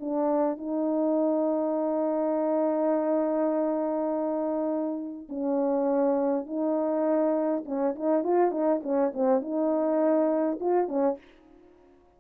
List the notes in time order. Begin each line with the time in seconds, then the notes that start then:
0.00 D4
0.57 D#4
5.29 C#4
6.46 D#4
7.65 C#4
7.95 D#4
8.24 F4
8.52 D#4
8.83 C#4
9.14 C4
9.41 D#4
10.60 F4
10.88 C#4